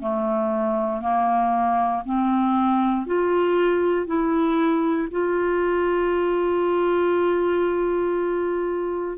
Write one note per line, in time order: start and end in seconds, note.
0.00 1.01 A3
1.01 2.02 A#3
2.05 3.06 C4
3.06 4.06 F4
4.06 5.08 E4
5.11 9.18 F4